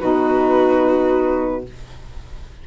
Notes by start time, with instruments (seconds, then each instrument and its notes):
0.00 bassoon B2, saxophone D#4, viola F#4, flute B4